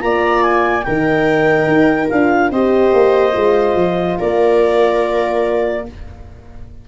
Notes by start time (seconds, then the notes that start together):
0.00 A#3 F4 D5 A#5
0.43 G#5
0.84 D#3 D#4 A#4 G5
1.68 D#4
2.10 D4 F4 F5
2.51 C4 G4 C5 D#5
2.93 A#3
3.33 G#3 F4
3.76 F3
4.18 A#3 A#4 D5